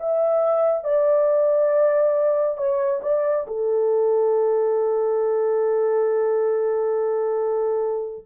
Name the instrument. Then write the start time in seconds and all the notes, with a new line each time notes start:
horn
0.00 E5
0.85 D5
2.58 C#5
3.03 D5
3.48 A4